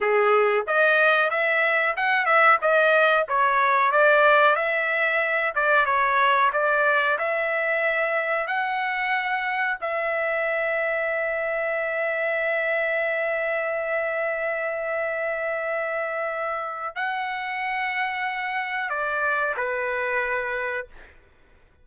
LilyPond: \new Staff \with { instrumentName = "trumpet" } { \time 4/4 \tempo 4 = 92 gis'4 dis''4 e''4 fis''8 e''8 | dis''4 cis''4 d''4 e''4~ | e''8 d''8 cis''4 d''4 e''4~ | e''4 fis''2 e''4~ |
e''1~ | e''1~ | e''2 fis''2~ | fis''4 d''4 b'2 | }